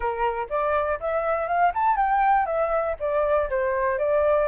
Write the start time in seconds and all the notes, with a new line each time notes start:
0.00 A#4
0.49 D5
1.00 E5
1.47 F5
1.74 A5
1.96 G5
2.46 E5
2.99 D5
3.49 C5
3.98 D5